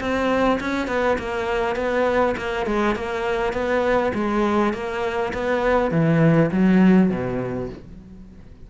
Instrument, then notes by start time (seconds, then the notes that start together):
cello
0.00 C4
0.60 C#4
0.87 B3
1.19 A#3
1.76 B3
2.37 A#3
2.66 G#3
2.95 A#3
3.53 B3
4.14 G#3
4.73 A#3
5.34 B3
5.91 E3
6.52 F#3
7.10 B2